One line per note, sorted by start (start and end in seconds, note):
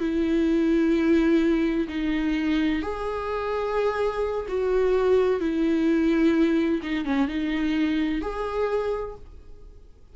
0.00 1.87 E4
1.88 2.82 D#4
2.82 4.46 G#4
4.48 5.40 F#4
5.40 6.81 E4
6.83 7.05 D#4
7.05 7.28 C#4
7.28 8.22 D#4
8.22 9.15 G#4